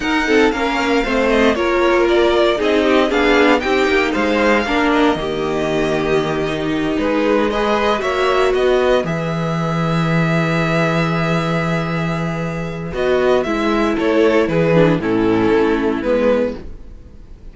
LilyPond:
<<
  \new Staff \with { instrumentName = "violin" } { \time 4/4 \tempo 4 = 116 fis''4 f''4. dis''8 cis''4 | d''4 dis''4 f''4 g''4 | f''4. dis''2~ dis''8~ | dis''4. b'4 dis''4 e''8~ |
e''8 dis''4 e''2~ e''8~ | e''1~ | e''4 dis''4 e''4 cis''4 | b'4 a'2 b'4 | }
  \new Staff \with { instrumentName = "violin" } { \time 4/4 ais'8 a'8 ais'4 c''4 ais'4~ | ais'4 gis'8 g'8 gis'4 g'4 | c''4 ais'4 g'2~ | g'4. gis'4 b'4 cis''8~ |
cis''8 b'2.~ b'8~ | b'1~ | b'2. a'4 | gis'4 e'2. | }
  \new Staff \with { instrumentName = "viola" } { \time 4/4 dis'8 c'8 cis'4 c'4 f'4~ | f'4 dis'4 d'4 dis'4~ | dis'4 d'4 ais2~ | ais8 dis'2 gis'4 fis'8~ |
fis'4. gis'2~ gis'8~ | gis'1~ | gis'4 fis'4 e'2~ | e'8 d'8 cis'2 b4 | }
  \new Staff \with { instrumentName = "cello" } { \time 4/4 dis'4 ais4 a4 ais4~ | ais4 c'4 b4 c'8 ais8 | gis4 ais4 dis2~ | dis4. gis2 ais8~ |
ais8 b4 e2~ e8~ | e1~ | e4 b4 gis4 a4 | e4 a,4 a4 gis4 | }
>>